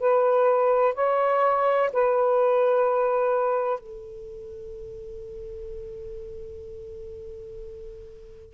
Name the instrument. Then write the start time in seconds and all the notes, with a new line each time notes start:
saxophone
0.00 B4
0.95 C#5
1.93 B4
3.80 A4